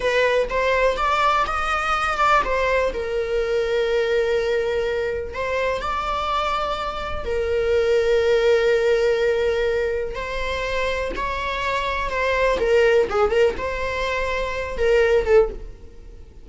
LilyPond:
\new Staff \with { instrumentName = "viola" } { \time 4/4 \tempo 4 = 124 b'4 c''4 d''4 dis''4~ | dis''8 d''8 c''4 ais'2~ | ais'2. c''4 | d''2. ais'4~ |
ais'1~ | ais'4 c''2 cis''4~ | cis''4 c''4 ais'4 gis'8 ais'8 | c''2~ c''8 ais'4 a'8 | }